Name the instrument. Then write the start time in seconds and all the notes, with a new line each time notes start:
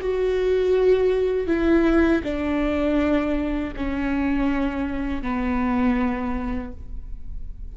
viola
0.00 F#4
1.47 E4
2.23 D4
3.76 C#4
5.22 B3